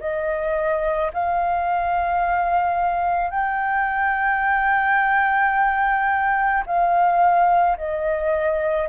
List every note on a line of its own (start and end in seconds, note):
0.00 1.11 D#5
1.13 3.30 F5
3.30 6.64 G5
6.66 7.77 F5
7.77 8.88 D#5